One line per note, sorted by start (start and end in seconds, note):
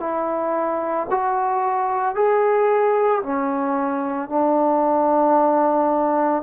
0.00 1.07 E4
1.10 2.15 F#4
2.15 3.22 G#4
3.22 4.29 C#4
4.29 6.43 D4